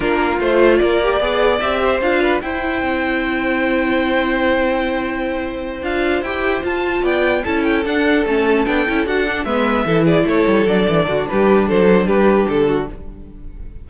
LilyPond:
<<
  \new Staff \with { instrumentName = "violin" } { \time 4/4 \tempo 4 = 149 ais'4 c''4 d''2 | e''4 f''4 g''2~ | g''1~ | g''2~ g''8 f''4 g''8~ |
g''8 a''4 g''4 a''8 g''8 fis''8~ | fis''8 a''4 g''4 fis''4 e''8~ | e''4 d''8 cis''4 d''4. | b'4 c''4 b'4 a'4 | }
  \new Staff \with { instrumentName = "violin" } { \time 4/4 f'2 ais'4 d''4~ | d''8 c''4 b'8 c''2~ | c''1~ | c''1~ |
c''4. d''4 a'4.~ | a'2.~ a'8 b'8~ | b'8 a'8 gis'8 a'2 fis'8 | g'4 a'4 g'4. fis'8 | }
  \new Staff \with { instrumentName = "viola" } { \time 4/4 d'4 f'4. g'8 gis'4 | g'4 f'4 e'2~ | e'1~ | e'2~ e'8 f'4 g'8~ |
g'8 f'2 e'4 d'8~ | d'8 cis'4 d'8 e'8 fis'8 d'8 b8~ | b8 e'2 d'4.~ | d'1 | }
  \new Staff \with { instrumentName = "cello" } { \time 4/4 ais4 a4 ais4 b4 | c'4 d'4 e'4 c'4~ | c'1~ | c'2~ c'8 d'4 e'8~ |
e'8 f'4 b4 cis'4 d'8~ | d'8 a4 b8 cis'8 d'4 gis8~ | gis8 e4 a8 g8 fis8 e8 d8 | g4 fis4 g4 d4 | }
>>